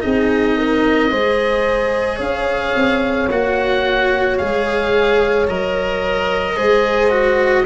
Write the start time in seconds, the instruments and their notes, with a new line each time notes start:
0.00 tuba C4, cello D#4, horn G#4, oboe D#5
0.57 horn A#4
1.10 tuba G#3, cello G#4, horn C5
2.16 tuba C#4, horn C#5, oboe F5
2.75 tuba C4
3.30 tuba A#3, cello F#4, oboe F#5
4.37 tuba G#3, cello G#4, oboe F5
5.47 tuba F#3, cello A#4, oboe D#5
6.56 tuba G#3, cello G#4, horn C5
7.10 cello F#4